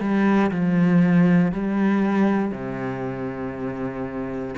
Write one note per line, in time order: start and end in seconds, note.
0.00 0.51 G3
0.51 1.52 F3
1.52 2.51 G3
2.51 4.55 C3